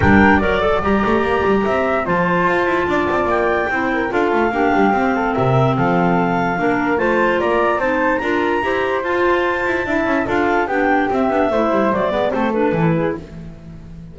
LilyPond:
<<
  \new Staff \with { instrumentName = "clarinet" } { \time 4/4 \tempo 4 = 146 g''4 d''4 ais''2~ | ais''4 a''2. | g''2 f''2~ | f''4 e''4 f''2~ |
f''4 a''4 ais''4 a''4 | ais''2 a''2~ | a''4 f''4 g''4 e''4~ | e''4 d''4 c''8 b'4. | }
  \new Staff \with { instrumentName = "flute" } { \time 4/4 ais'4 d''2. | e''4 c''2 d''4~ | d''4 c''8 ais'8 a'4 g'4~ | g'8 a'8 ais'4 a'2 |
ais'4 c''4 d''4 c''4 | ais'4 c''2. | e''4 a'4 g'2 | c''4. b'8 a'4. gis'8 | }
  \new Staff \with { instrumentName = "clarinet" } { \time 4/4 d'4 ais'8 a'8 g'2~ | g'4 f'2.~ | f'4 e'4 f'4 d'4 | c'1 |
d'4 f'2 dis'4 | f'4 g'4 f'2 | e'4 f'4 d'4 c'8 d'8 | e'4 a8 b8 c'8 d'8 e'4 | }
  \new Staff \with { instrumentName = "double bass" } { \time 4/4 g4 fis4 g8 a8 ais8 g8 | c'4 f4 f'8 e'8 d'8 c'8 | ais4 c'4 d'8 a8 ais8 g8 | c'4 c4 f2 |
ais4 a4 ais4 c'4 | d'4 e'4 f'4. e'8 | d'8 cis'8 d'4 b4 c'8 b8 | a8 g8 fis8 gis8 a4 e4 | }
>>